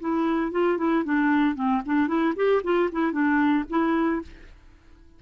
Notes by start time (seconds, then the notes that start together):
0.00 E4
0.52 F4
0.78 E4
1.05 D4
1.55 C4
1.85 D4
2.07 E4
2.36 G4
2.63 F4
2.92 E4
3.12 D4
3.69 E4